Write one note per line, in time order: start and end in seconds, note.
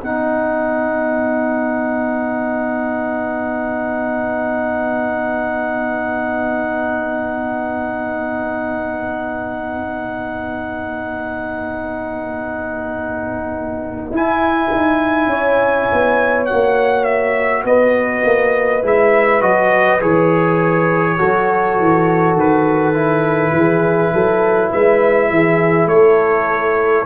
0.00 14.11 B3
0.00 14.13 D#4
0.00 15.29 B4
0.00 14.15 F#5
14.11 14.70 E4
14.11 16.48 E4
14.11 16.46 G#5
14.72 15.27 D#4
15.27 15.86 C#4
15.27 17.65 C#5
15.92 16.51 B3
16.46 18.82 F#4
16.46 17.04 F#5
16.53 17.64 A#3
17.04 17.63 E5
17.64 18.23 B3
17.64 21.18 B4
17.64 18.84 D#5
18.25 18.83 A#3
18.82 19.42 G#3
18.82 19.41 E4
18.82 19.42 E5
19.41 20.01 F#3
19.41 20.00 F#4
19.41 20.01 D#5
20.01 21.20 E3
20.01 21.19 G#4
20.01 22.37 C#5
21.18 21.79 F#3
21.18 22.95 F#4
21.18 23.54 A4
21.80 22.34 E3
22.34 23.51 D#3
22.34 24.72 B4
22.95 27.06 E4
23.52 24.11 E3
23.52 24.14 G#4
24.13 24.72 F#3
24.13 24.71 A4
24.71 25.30 G#3
24.71 25.30 B4
24.71 25.88 E5
25.30 25.86 E3
25.30 25.92 G#4
25.86 27.04 A3
25.86 27.06 A4
25.86 27.06 C#5